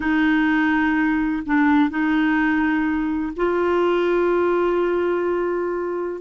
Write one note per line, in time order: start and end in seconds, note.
0.00 1.43 D#4
1.45 1.90 D4
1.90 3.32 D#4
3.36 6.21 F4